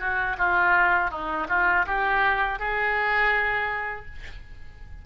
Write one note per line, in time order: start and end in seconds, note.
0.00 0.37 F#4
0.38 1.11 F4
1.11 1.48 D#4
1.49 1.86 F4
1.87 2.60 G4
2.60 4.06 G#4